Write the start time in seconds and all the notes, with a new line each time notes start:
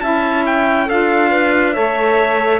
0.00 C#4 E4 E5 A5
0.46 G5
0.86 D4 F4 A4 F5
1.30 B4
1.73 A3 A4 C#5 E5